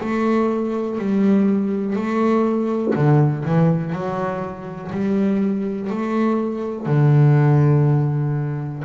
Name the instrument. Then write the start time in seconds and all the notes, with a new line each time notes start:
double bass
0.00 A3
0.98 G3
1.95 A3
2.95 D3
3.45 E3
3.92 F#3
4.91 G3
5.90 A3
6.86 D3